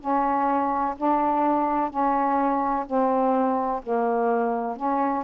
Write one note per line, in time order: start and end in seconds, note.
0.00 0.95 C#4
0.97 1.90 D4
1.90 2.85 C#4
2.86 3.81 C4
3.83 4.76 A#3
4.76 5.24 C#4